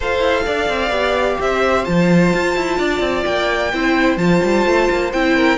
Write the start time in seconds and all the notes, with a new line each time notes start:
0.00 F4 A4 C5 F5
0.19 E4
0.45 D4 D5
0.68 C4
0.90 B3 G4
1.40 C4 C5 E5
1.84 F3 F4 A5
2.33 F4
2.56 E4
2.78 D4 D5
2.99 C4
3.25 A#3 G5
3.72 C4 E4 C5
4.16 F3 F4 A5
4.43 G3
4.66 A3
4.90 A#3
5.12 C4 E4 G5
5.36 A#4